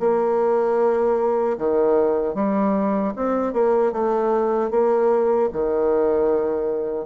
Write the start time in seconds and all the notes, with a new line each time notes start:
0.00 A#3
1.58 D#3
2.35 G3
3.16 C4
3.53 A#3
3.92 A3
4.71 A#3
5.53 D#3